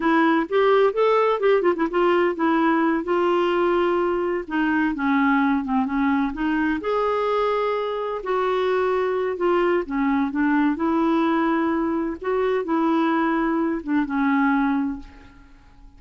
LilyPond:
\new Staff \with { instrumentName = "clarinet" } { \time 4/4 \tempo 4 = 128 e'4 g'4 a'4 g'8 f'16 e'16 | f'4 e'4. f'4.~ | f'4. dis'4 cis'4. | c'8 cis'4 dis'4 gis'4.~ |
gis'4. fis'2~ fis'8 | f'4 cis'4 d'4 e'4~ | e'2 fis'4 e'4~ | e'4. d'8 cis'2 | }